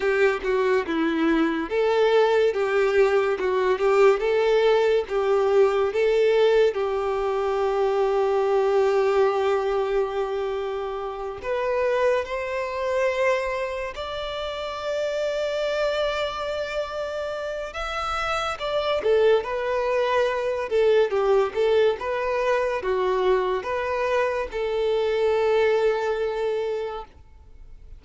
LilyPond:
\new Staff \with { instrumentName = "violin" } { \time 4/4 \tempo 4 = 71 g'8 fis'8 e'4 a'4 g'4 | fis'8 g'8 a'4 g'4 a'4 | g'1~ | g'4. b'4 c''4.~ |
c''8 d''2.~ d''8~ | d''4 e''4 d''8 a'8 b'4~ | b'8 a'8 g'8 a'8 b'4 fis'4 | b'4 a'2. | }